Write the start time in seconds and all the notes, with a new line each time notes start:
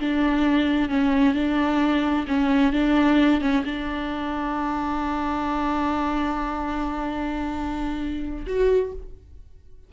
0.00 D4
0.89 C#4
1.34 D4
2.27 C#4
2.73 D4
3.41 C#4
3.65 D4
8.46 F#4